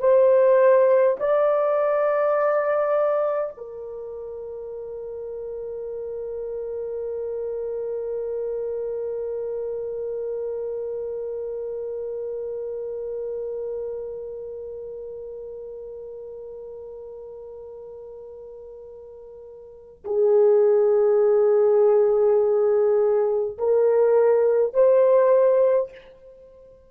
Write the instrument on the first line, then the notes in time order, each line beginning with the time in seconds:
horn
0.00 C5
1.20 D5
3.57 A#4
20.05 G#4
23.58 A#4
24.74 C5